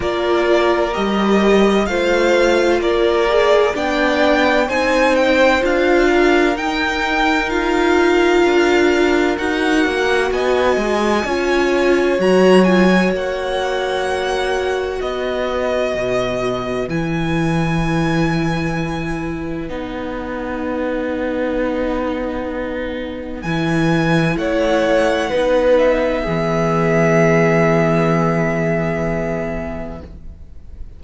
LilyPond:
<<
  \new Staff \with { instrumentName = "violin" } { \time 4/4 \tempo 4 = 64 d''4 dis''4 f''4 d''4 | g''4 gis''8 g''8 f''4 g''4 | f''2 fis''4 gis''4~ | gis''4 ais''8 gis''8 fis''2 |
dis''2 gis''2~ | gis''4 fis''2.~ | fis''4 gis''4 fis''4. e''8~ | e''1 | }
  \new Staff \with { instrumentName = "violin" } { \time 4/4 ais'2 c''4 ais'4 | d''4 c''4. ais'4.~ | ais'2. dis''4 | cis''1 |
b'1~ | b'1~ | b'2 cis''4 b'4 | gis'1 | }
  \new Staff \with { instrumentName = "viola" } { \time 4/4 f'4 g'4 f'4. gis'8 | d'4 dis'4 f'4 dis'4 | f'2 fis'2 | f'4 fis'8 f'16 fis'2~ fis'16~ |
fis'2 e'2~ | e'4 dis'2.~ | dis'4 e'2 dis'4 | b1 | }
  \new Staff \with { instrumentName = "cello" } { \time 4/4 ais4 g4 a4 ais4 | b4 c'4 d'4 dis'4~ | dis'4 d'4 dis'8 ais8 b8 gis8 | cis'4 fis4 ais2 |
b4 b,4 e2~ | e4 b2.~ | b4 e4 a4 b4 | e1 | }
>>